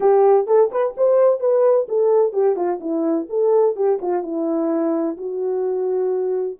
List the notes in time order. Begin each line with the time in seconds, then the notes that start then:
0.00 G4
0.46 A4
0.71 B4
0.97 C5
1.40 B4
1.88 A4
2.32 G4
2.55 F4
2.80 E4
3.29 A4
3.75 G4
4.01 F4
4.23 E4
5.17 F#4